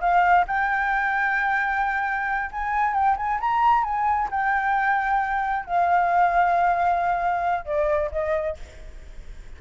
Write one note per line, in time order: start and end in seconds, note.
0.00 0.45 F5
0.47 2.50 G5
2.51 2.93 G#5
2.93 3.16 G5
3.17 3.39 G#5
3.40 3.83 A#5
3.83 4.28 G#5
4.31 5.65 G5
5.65 7.65 F5
7.65 8.10 D5
8.11 8.57 D#5